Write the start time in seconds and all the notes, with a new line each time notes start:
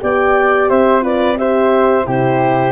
0.00 B3 G4 D5 G5
0.70 C4 C5 E5
1.02 F4 B4 D5
1.38 G4 C5 E5
2.04 C3 E4 G4 C5